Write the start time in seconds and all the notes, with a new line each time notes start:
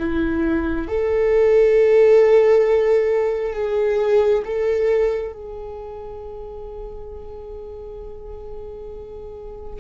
0.00 E4
0.88 A4
3.54 G#4
4.45 A4
5.33 G#4